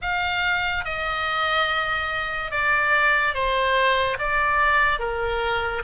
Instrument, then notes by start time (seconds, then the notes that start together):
oboe
0.01 F5
0.84 D#5
2.51 D5
3.34 C5
4.18 D5
4.98 A#4